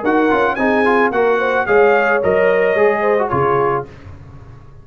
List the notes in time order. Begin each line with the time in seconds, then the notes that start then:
0.00 D#4 F#4 A#4 F#5
0.30 C#4 F4
0.55 C4 D#4 G#4 G#5
0.85 F4
1.11 A#3 F#4 A#4 F#5
1.39 C5
1.66 G#3 G#4 C#5 F5
2.23 F#3 A#4 D#5
2.75 G#3 G#4
3.01 C5
3.18 F#4
3.28 C#3 F4 G#4 C#5